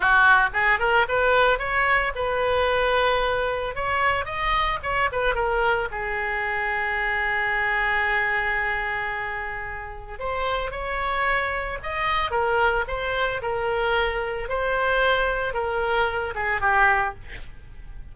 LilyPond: \new Staff \with { instrumentName = "oboe" } { \time 4/4 \tempo 4 = 112 fis'4 gis'8 ais'8 b'4 cis''4 | b'2. cis''4 | dis''4 cis''8 b'8 ais'4 gis'4~ | gis'1~ |
gis'2. c''4 | cis''2 dis''4 ais'4 | c''4 ais'2 c''4~ | c''4 ais'4. gis'8 g'4 | }